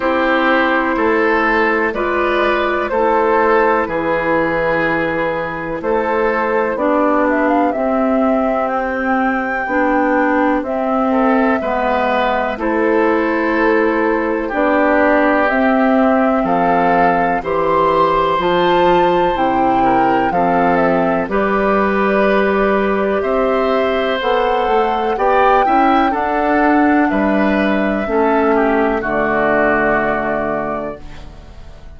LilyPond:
<<
  \new Staff \with { instrumentName = "flute" } { \time 4/4 \tempo 4 = 62 c''2 d''4 c''4 | b'2 c''4 d''8 e''16 f''16 | e''4 g''2 e''4~ | e''4 c''2 d''4 |
e''4 f''4 c'''4 a''4 | g''4 f''8 e''8 d''2 | e''4 fis''4 g''4 fis''4 | e''2 d''2 | }
  \new Staff \with { instrumentName = "oboe" } { \time 4/4 g'4 a'4 b'4 a'4 | gis'2 a'4 g'4~ | g'2.~ g'8 a'8 | b'4 a'2 g'4~ |
g'4 a'4 c''2~ | c''8 ais'8 a'4 b'2 | c''2 d''8 e''8 a'4 | b'4 a'8 g'8 fis'2 | }
  \new Staff \with { instrumentName = "clarinet" } { \time 4/4 e'2 f'4 e'4~ | e'2. d'4 | c'2 d'4 c'4 | b4 e'2 d'4 |
c'2 g'4 f'4 | e'4 c'4 g'2~ | g'4 a'4 g'8 e'8 d'4~ | d'4 cis'4 a2 | }
  \new Staff \with { instrumentName = "bassoon" } { \time 4/4 c'4 a4 gis4 a4 | e2 a4 b4 | c'2 b4 c'4 | gis4 a2 b4 |
c'4 f4 e4 f4 | c4 f4 g2 | c'4 b8 a8 b8 cis'8 d'4 | g4 a4 d2 | }
>>